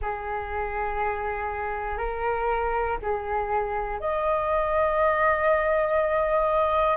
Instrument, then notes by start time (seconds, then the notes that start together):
flute
0.01 G#4
1.97 A#4
3.02 G#4
4.00 D#5